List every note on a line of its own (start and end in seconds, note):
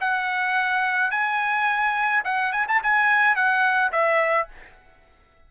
0.00 1.11 F#5
1.11 2.23 G#5
2.24 2.52 F#5
2.52 2.66 G#5
2.68 2.82 A5
2.82 3.35 G#5
3.35 3.91 F#5
3.92 4.48 E5